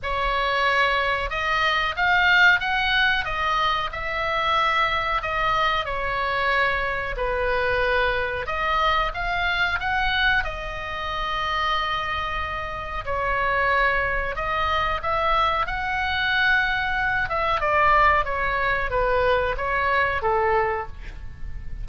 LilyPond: \new Staff \with { instrumentName = "oboe" } { \time 4/4 \tempo 4 = 92 cis''2 dis''4 f''4 | fis''4 dis''4 e''2 | dis''4 cis''2 b'4~ | b'4 dis''4 f''4 fis''4 |
dis''1 | cis''2 dis''4 e''4 | fis''2~ fis''8 e''8 d''4 | cis''4 b'4 cis''4 a'4 | }